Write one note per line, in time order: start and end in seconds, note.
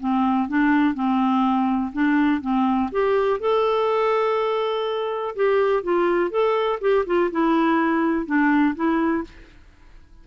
0.00 0.48 C4
0.48 0.94 D4
0.94 1.92 C4
1.92 2.41 D4
2.41 2.90 C4
2.91 3.40 G4
3.40 5.35 A4
5.35 5.83 G4
5.83 6.30 F4
6.30 6.79 A4
6.80 7.05 G4
7.06 7.30 F4
7.31 8.26 E4
8.26 8.75 D4
8.75 9.24 E4